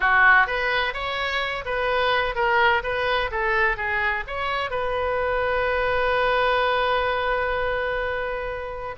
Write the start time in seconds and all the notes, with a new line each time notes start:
0.00 F#4
0.47 B4
0.93 C#5
1.65 B4
2.35 A#4
2.83 B4
3.31 A4
3.76 G#4
4.27 C#5
4.70 B4